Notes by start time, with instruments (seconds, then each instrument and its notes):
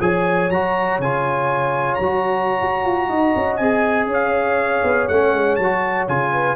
0.00 tuba F3, trombone G#4, horn C#5, trumpet G#5
0.49 tuba F#3, trombone F#4, trumpet A#5
0.98 tuba C#3, trombone F4, trumpet G#5
1.95 tuba F#3, trumpet A#5
2.02 trombone F#4
2.61 tuba F#4
2.84 tuba F4
3.08 tuba D#4, horn D#5
3.35 tuba C#4
3.56 tuba C4, trombone G#4, trumpet G#5
4.06 tuba C#4, horn C#5
4.13 trumpet F5
4.83 tuba B3
5.08 tuba A3, trombone C#4, trumpet F#5
5.33 tuba G#3
5.55 tuba F#3, trumpet A5
5.62 trombone F#4
6.08 tuba C#3, trombone F4, trumpet G#5
6.32 horn B4